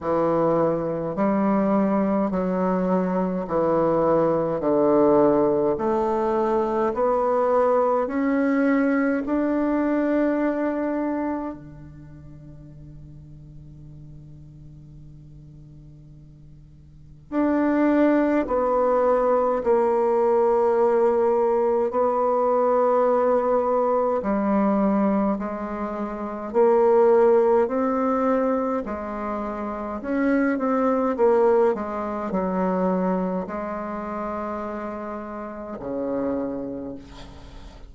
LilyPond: \new Staff \with { instrumentName = "bassoon" } { \time 4/4 \tempo 4 = 52 e4 g4 fis4 e4 | d4 a4 b4 cis'4 | d'2 d2~ | d2. d'4 |
b4 ais2 b4~ | b4 g4 gis4 ais4 | c'4 gis4 cis'8 c'8 ais8 gis8 | fis4 gis2 cis4 | }